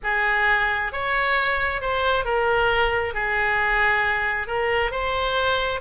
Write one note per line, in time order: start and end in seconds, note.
0.03 0.92 G#4
0.92 1.81 C#5
1.81 2.24 C5
2.24 3.13 A#4
3.13 4.47 G#4
4.47 4.91 A#4
4.91 5.80 C5